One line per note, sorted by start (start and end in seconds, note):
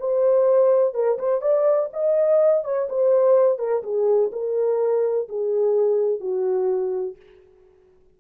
0.00 0.94 C5
0.94 1.18 A#4
1.19 1.42 C5
1.42 1.90 D5
1.93 2.65 D#5
2.65 2.89 C#5
2.89 3.59 C5
3.59 3.83 A#4
3.83 4.31 G#4
4.32 5.28 A#4
5.29 6.21 G#4
6.21 7.17 F#4